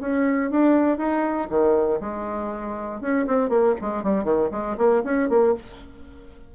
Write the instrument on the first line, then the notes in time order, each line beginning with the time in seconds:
bassoon
0.00 C#4
0.50 D4
0.97 D#4
1.49 D#3
2.00 G#3
3.00 C#4
3.26 C4
3.49 A#3
3.81 G#3
4.03 G3
4.24 D#3
4.51 G#3
4.77 A#3
5.04 C#4
5.29 A#3